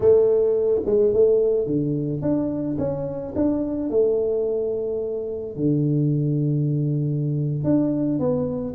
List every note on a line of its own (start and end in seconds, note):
0.00 0.82 A3
0.85 1.13 G#3
1.13 1.66 A3
1.66 2.21 D3
2.21 2.77 D4
2.78 3.34 C#4
3.35 3.89 D4
3.89 5.56 A3
5.56 7.64 D3
7.64 8.19 D4
8.19 8.74 B3